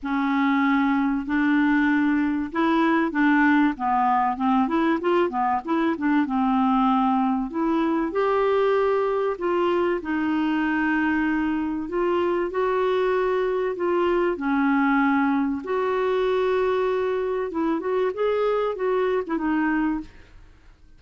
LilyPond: \new Staff \with { instrumentName = "clarinet" } { \time 4/4 \tempo 4 = 96 cis'2 d'2 | e'4 d'4 b4 c'8 e'8 | f'8 b8 e'8 d'8 c'2 | e'4 g'2 f'4 |
dis'2. f'4 | fis'2 f'4 cis'4~ | cis'4 fis'2. | e'8 fis'8 gis'4 fis'8. e'16 dis'4 | }